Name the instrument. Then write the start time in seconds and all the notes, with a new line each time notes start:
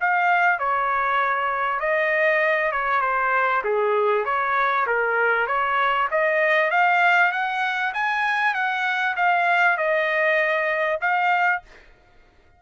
trumpet
0.00 F5
0.59 C#5
1.80 D#5
2.72 C#5
3.01 C5
3.64 G#4
4.25 C#5
4.86 A#4
5.47 C#5
6.11 D#5
6.71 F5
7.32 F#5
7.94 G#5
8.54 F#5
9.16 F5
9.77 D#5
11.01 F5